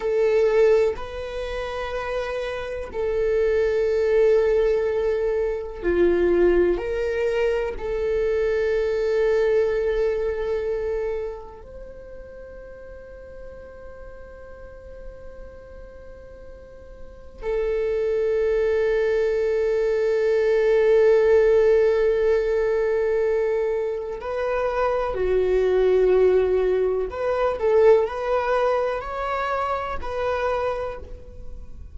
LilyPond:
\new Staff \with { instrumentName = "viola" } { \time 4/4 \tempo 4 = 62 a'4 b'2 a'4~ | a'2 f'4 ais'4 | a'1 | c''1~ |
c''2 a'2~ | a'1~ | a'4 b'4 fis'2 | b'8 a'8 b'4 cis''4 b'4 | }